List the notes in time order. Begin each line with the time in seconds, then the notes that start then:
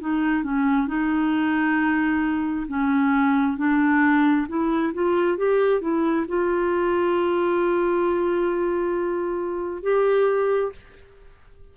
0.00 D#4
0.43 C#4
0.87 D#4
2.67 C#4
3.57 D4
4.48 E4
4.93 F4
5.37 G4
5.80 E4
6.27 F4
9.82 G4